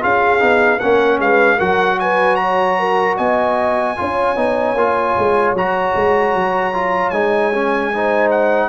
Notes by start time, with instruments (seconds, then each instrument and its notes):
0.00 tuba C#4, trombone F4, horn G#4, trumpet F5
0.39 tuba B3, trombone D#4
0.79 tuba A#3, trombone C#4, horn A#4, trumpet F#5
1.19 tuba G#3, horn B4, trumpet F5
1.56 tuba F#3, trombone F#4, horn A#4, trumpet F#5
1.99 horn B4, trumpet G#5
2.36 horn C#5, trumpet A#5
2.79 horn A#4
3.17 tuba B3, horn D#5, trumpet G#5
3.96 tuba C#4, trombone F4, horn C#5
4.36 tuba B3, trombone D#4
4.75 tuba A#3, trombone F4
5.18 tuba G#3
5.53 tuba F#3, trombone F#4, trumpet A#5
5.95 tuba G#3
6.34 tuba F#3
6.73 trombone F4
7.10 tuba G#3, trombone D#4, trumpet G#5
7.53 trombone C#4
7.93 trombone D#4, horn C5
8.31 trumpet F#5